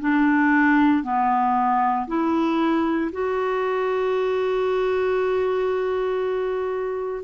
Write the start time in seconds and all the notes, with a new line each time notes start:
0.00 D4
1.03 B3
2.07 E4
3.12 F#4